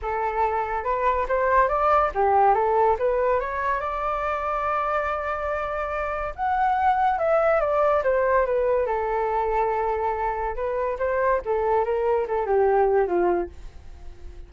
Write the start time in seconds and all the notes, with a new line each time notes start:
0.01 A4
0.84 B4
1.28 C5
1.68 D5
2.14 G4
2.54 A4
2.99 B4
3.40 C#5
3.80 D5
6.35 F#5
7.18 E5
7.60 D5
8.03 C5
8.46 B4
8.86 A4
10.55 B4
10.99 C5
11.45 A4
11.84 A#4
12.27 A4
12.46 G4
13.07 F4